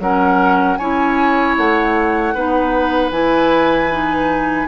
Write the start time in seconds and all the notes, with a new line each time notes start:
0.00 F#3 C#4 A#4 F#5
0.77 C#4 E4 C#5 G#5
1.58 A3 F#5
2.35 B3 D#4 B4
3.11 E3 E4 G#5
3.91 D#4